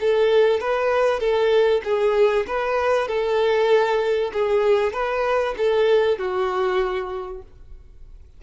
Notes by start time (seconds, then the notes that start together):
0.00 A4
0.60 B4
1.19 A4
1.84 G#4
2.47 B4
3.08 A4
4.33 G#4
4.93 B4
5.57 A4
6.18 F#4